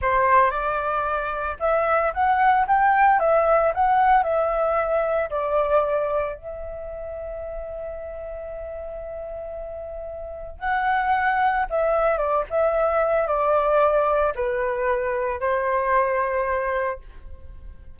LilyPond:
\new Staff \with { instrumentName = "flute" } { \time 4/4 \tempo 4 = 113 c''4 d''2 e''4 | fis''4 g''4 e''4 fis''4 | e''2 d''2 | e''1~ |
e''1 | fis''2 e''4 d''8 e''8~ | e''4 d''2 b'4~ | b'4 c''2. | }